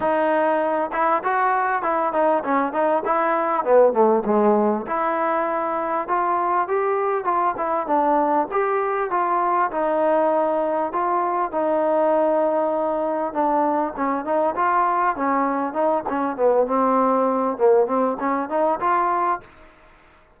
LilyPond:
\new Staff \with { instrumentName = "trombone" } { \time 4/4 \tempo 4 = 99 dis'4. e'8 fis'4 e'8 dis'8 | cis'8 dis'8 e'4 b8 a8 gis4 | e'2 f'4 g'4 | f'8 e'8 d'4 g'4 f'4 |
dis'2 f'4 dis'4~ | dis'2 d'4 cis'8 dis'8 | f'4 cis'4 dis'8 cis'8 b8 c'8~ | c'4 ais8 c'8 cis'8 dis'8 f'4 | }